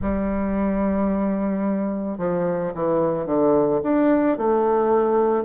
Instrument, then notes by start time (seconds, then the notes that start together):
bassoon
0.01 G3
2.18 F3
2.74 E3
3.26 D3
3.82 D4
4.37 A3